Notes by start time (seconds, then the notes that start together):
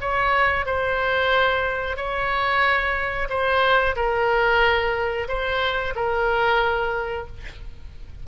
0.00 C#5
0.66 C5
1.96 C#5
3.29 C5
3.95 A#4
5.28 C5
5.95 A#4